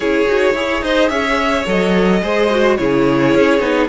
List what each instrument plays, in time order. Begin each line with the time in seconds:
0.00 cello C#4, viola E4, violin G#4 C#5
0.27 cello D#4, viola F#4
0.54 cello E4, viola G#4, violin C#5
0.81 cello D#4, violin C5 D#5
1.09 cello C#4, violin C#5 E5
1.66 cello F#3, viola A4, violin D#5
2.22 cello G#3, viola G#4, violin C5
2.50 viola F#4
2.76 cello C#3, viola E4, violin G#4 C#5
3.34 cello C#4
3.59 cello B3, viola D#4